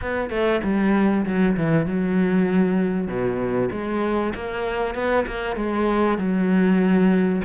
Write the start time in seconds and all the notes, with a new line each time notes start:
0.01 B3
0.30 A3
0.63 G3
1.25 F#3
1.56 E3
1.86 F#3
3.07 B2
3.71 G#3
4.34 A#3
4.94 B3
5.26 A#3
5.56 G#3
6.17 F#3